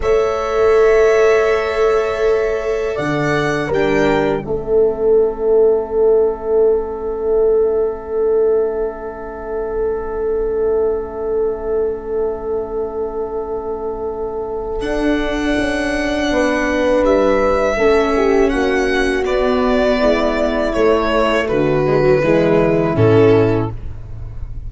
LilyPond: <<
  \new Staff \with { instrumentName = "violin" } { \time 4/4 \tempo 4 = 81 e''1 | fis''4 g''4 e''2~ | e''1~ | e''1~ |
e''1 | fis''2. e''4~ | e''4 fis''4 d''2 | cis''4 b'2 a'4 | }
  \new Staff \with { instrumentName = "horn" } { \time 4/4 cis''1 | d''4 ais'4 a'2~ | a'1~ | a'1~ |
a'1~ | a'2 b'2 | a'8 g'8 fis'2 e'4~ | e'4 fis'4 e'2 | }
  \new Staff \with { instrumentName = "viola" } { \time 4/4 a'1~ | a'4 d'4 cis'2~ | cis'1~ | cis'1~ |
cis'1 | d'1 | cis'2 b2 | a4. gis16 fis16 gis4 cis'4 | }
  \new Staff \with { instrumentName = "tuba" } { \time 4/4 a1 | d4 g4 a2~ | a1~ | a1~ |
a1 | d'4 cis'4 b4 g4 | a4 ais4 b4 gis4 | a4 d4 e4 a,4 | }
>>